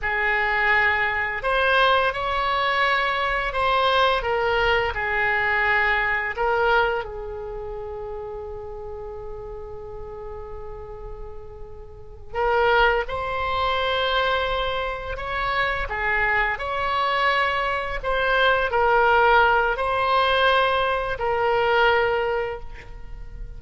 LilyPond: \new Staff \with { instrumentName = "oboe" } { \time 4/4 \tempo 4 = 85 gis'2 c''4 cis''4~ | cis''4 c''4 ais'4 gis'4~ | gis'4 ais'4 gis'2~ | gis'1~ |
gis'4. ais'4 c''4.~ | c''4. cis''4 gis'4 cis''8~ | cis''4. c''4 ais'4. | c''2 ais'2 | }